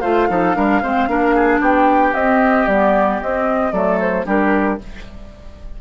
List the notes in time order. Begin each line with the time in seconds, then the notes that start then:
0.00 A3 F4 C5 F5
0.29 F3 D#4 A4
0.54 G3 D4 A#4
0.82 G#3 C4 C5
1.07 A#3 D4 A#4
1.35 G#4
1.60 B3 G4 G5
2.13 C4 D#5
2.67 G3 B3 D5
3.21 C4 D#5
3.72 F#3 A3 A4 D5
4.00 C5
4.25 G3 D4 G4 A#4